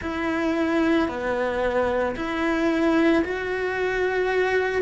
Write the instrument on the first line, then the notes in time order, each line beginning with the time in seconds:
cello
0.01 E4
1.08 B3
2.16 E4
3.24 F#4